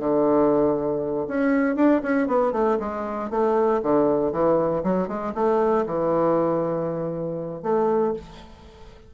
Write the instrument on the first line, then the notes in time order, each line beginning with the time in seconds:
bassoon
0.00 D3
1.28 C#4
1.76 D4
2.03 C#4
2.28 B3
2.53 A3
2.80 G#3
3.31 A3
3.83 D3
4.32 E3
4.84 F#3
5.08 G#3
5.35 A3
5.87 E3
7.63 A3